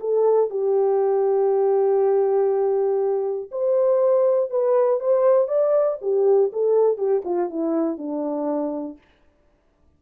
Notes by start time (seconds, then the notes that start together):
0.00 A4
0.50 G4
3.51 C5
4.50 B4
5.00 C5
5.47 D5
6.01 G4
6.52 A4
6.97 G4
7.24 F4
7.50 E4
7.97 D4